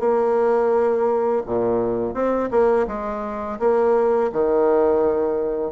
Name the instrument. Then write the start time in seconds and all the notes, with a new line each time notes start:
bassoon
0.00 A#3
1.46 A#2
2.14 C4
2.51 A#3
2.88 G#3
3.60 A#3
4.33 D#3